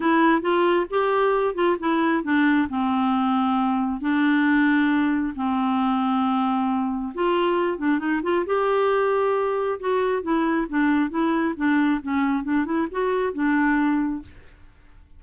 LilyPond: \new Staff \with { instrumentName = "clarinet" } { \time 4/4 \tempo 4 = 135 e'4 f'4 g'4. f'8 | e'4 d'4 c'2~ | c'4 d'2. | c'1 |
f'4. d'8 dis'8 f'8 g'4~ | g'2 fis'4 e'4 | d'4 e'4 d'4 cis'4 | d'8 e'8 fis'4 d'2 | }